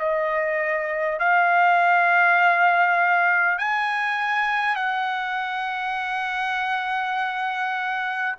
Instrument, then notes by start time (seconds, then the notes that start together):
trumpet
0.00 D#5
1.20 F5
3.59 G#5
4.76 F#5